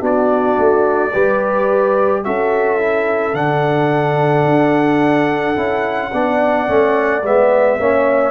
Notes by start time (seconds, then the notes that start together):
0.00 B3 D4 F#4 D5
0.58 A3
1.12 G3 G4 B4
2.24 C#4 F#4 A4 E5
2.79 E4
3.33 D3 D4 F#5
4.44 D4
5.56 C#4 E4
6.12 B3 D4 D5
6.66 A3 C#4
7.23 G#3 B3 E5
7.79 A#3 C#4 C#5